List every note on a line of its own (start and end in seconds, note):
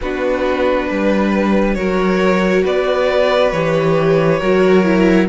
0.01 0.90 B3
0.01 1.76 D4
0.01 0.88 F#4
0.01 1.74 B4
0.88 1.75 G3
0.88 1.76 B4
1.74 2.64 F#3
1.74 3.53 F#4
1.74 2.62 A#4
1.74 2.62 C#5
2.62 3.52 B3
2.62 4.39 B4
2.62 3.51 D5
3.51 4.40 E3
3.51 4.41 G4
3.51 5.27 C#5
4.39 5.28 F#3
4.39 4.84 F#4
4.39 5.27 A#4
4.84 5.28 E4